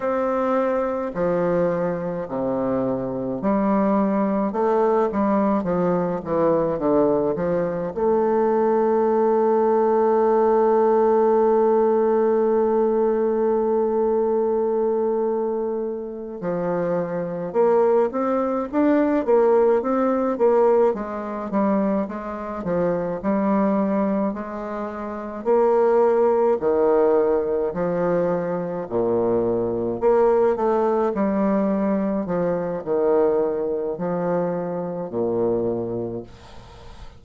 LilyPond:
\new Staff \with { instrumentName = "bassoon" } { \time 4/4 \tempo 4 = 53 c'4 f4 c4 g4 | a8 g8 f8 e8 d8 f8 a4~ | a1~ | a2~ a8 f4 ais8 |
c'8 d'8 ais8 c'8 ais8 gis8 g8 gis8 | f8 g4 gis4 ais4 dis8~ | dis8 f4 ais,4 ais8 a8 g8~ | g8 f8 dis4 f4 ais,4 | }